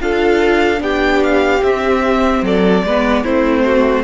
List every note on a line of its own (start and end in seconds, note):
0.00 0.80 D4
0.00 0.77 F4
0.00 0.82 A4
0.00 0.82 F5
0.77 1.61 B3
0.77 1.58 D4
0.77 2.44 G4
0.77 1.23 G5
1.23 1.63 F5
1.62 2.42 C4
1.62 2.85 C4
1.62 2.44 E5
2.42 2.82 F#3
2.42 2.85 A4
2.42 3.24 D5
2.83 3.24 G#3
2.83 3.26 B3
2.83 3.23 B4
3.23 4.04 A3
3.23 4.04 C4
3.23 3.64 E4
3.23 4.04 C5
3.64 4.04 F#4